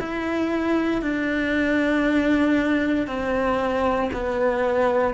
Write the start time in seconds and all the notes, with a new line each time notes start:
0.00 E4
1.02 D4
3.07 C4
4.13 B3